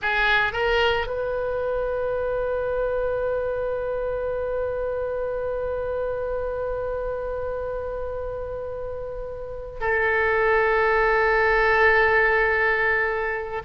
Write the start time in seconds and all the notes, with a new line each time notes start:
0.01 G#4
0.52 A#4
1.06 B4
9.80 A4